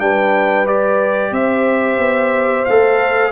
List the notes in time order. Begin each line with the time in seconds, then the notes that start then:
0.00 G3 D4 B4 G5
0.66 G4 D5
1.32 C4 C5 E5
1.99 B3
2.65 A3 A4 F5